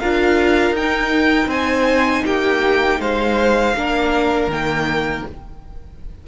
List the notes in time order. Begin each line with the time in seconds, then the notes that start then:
0.00 D4 F4 A#4 F5
0.71 D#4 G5
0.77 D#4
1.47 C4 C5 G#5
2.26 A#3 G4 G5
3.00 G#3 C5 F5
3.75 A#3 D4 A#4
4.47 D#3 A#3 G5